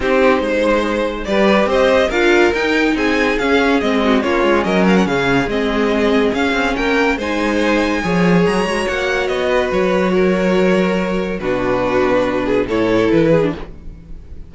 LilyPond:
<<
  \new Staff \with { instrumentName = "violin" } { \time 4/4 \tempo 4 = 142 c''2. d''4 | dis''4 f''4 g''4 gis''4 | f''4 dis''4 cis''4 dis''8 f''16 fis''16 | f''4 dis''2 f''4 |
g''4 gis''2. | ais''4 fis''4 dis''4 cis''4~ | cis''2. b'4~ | b'2 cis''4 b'4 | }
  \new Staff \with { instrumentName = "violin" } { \time 4/4 g'4 c''2 b'4 | c''4 ais'2 gis'4~ | gis'4. fis'8 f'4 ais'4 | gis'1 |
ais'4 c''2 cis''4~ | cis''2~ cis''8 b'4. | ais'2. fis'4~ | fis'4. gis'8 a'4. gis'8 | }
  \new Staff \with { instrumentName = "viola" } { \time 4/4 dis'2. g'4~ | g'4 f'4 dis'2 | cis'4 c'4 cis'2~ | cis'4 c'2 cis'4~ |
cis'4 dis'2 gis'4~ | gis'8 fis'2.~ fis'8~ | fis'2. d'4~ | d'2 e'4.~ e'16 d'16 | }
  \new Staff \with { instrumentName = "cello" } { \time 4/4 c'4 gis2 g4 | c'4 d'4 dis'4 c'4 | cis'4 gis4 ais8 gis8 fis4 | cis4 gis2 cis'8 c'8 |
ais4 gis2 f4 | fis8 gis8 ais4 b4 fis4~ | fis2. b,4~ | b,2 a,4 e4 | }
>>